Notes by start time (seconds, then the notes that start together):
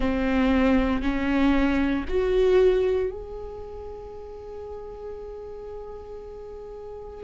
0.00 C4
1.02 C#4
2.08 F#4
3.10 G#4